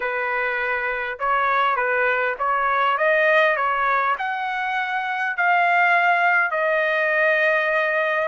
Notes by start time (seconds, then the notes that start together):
0.00 B4
1.19 C#5
1.76 B4
2.38 C#5
2.97 D#5
3.56 C#5
4.18 F#5
5.36 F5
6.50 D#5